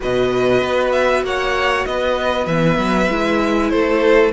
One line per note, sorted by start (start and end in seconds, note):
0.00 0.62 B2
0.00 2.46 F#4
0.00 1.24 B4
0.00 0.92 D#5
0.62 1.23 B3
0.92 1.23 E5
1.23 1.85 A#3
1.23 1.87 C#5
1.23 1.85 F#5
1.85 2.46 B3
1.85 3.71 B4
1.85 2.46 D#5
2.46 2.77 E3
2.46 3.10 B3
2.46 3.69 E5
2.77 3.08 F#3
3.09 3.71 G#3
3.09 4.33 E4
3.69 4.33 A3
3.69 4.33 A4
3.69 4.31 C5